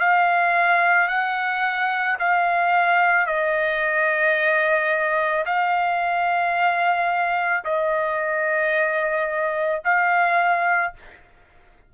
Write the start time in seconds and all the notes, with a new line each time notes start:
0.00 F5
1.08 F#5
2.19 F5
3.27 D#5
5.46 F5
7.64 D#5
9.85 F5